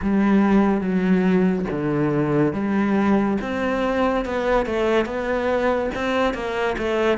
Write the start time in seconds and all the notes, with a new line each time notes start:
0.02 G3
0.80 F#3
1.71 D3
2.53 G3
3.41 C4
4.25 B3
4.66 A3
5.05 B3
5.95 C4
6.33 A#3
6.78 A3